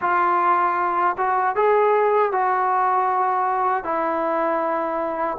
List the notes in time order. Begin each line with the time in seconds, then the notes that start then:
0.01 F4
1.17 F#4
1.55 G#4
2.31 F#4
3.84 E4